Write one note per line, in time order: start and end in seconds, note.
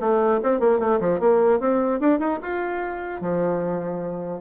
0.00 0.40 A3
0.43 0.59 C4
0.59 0.79 A#3
0.79 0.99 A3
1.00 1.19 F3
1.19 1.59 A#3
1.59 2.00 C4
2.00 2.19 D4
2.19 2.39 D#4
2.42 3.21 F4
3.21 4.41 F3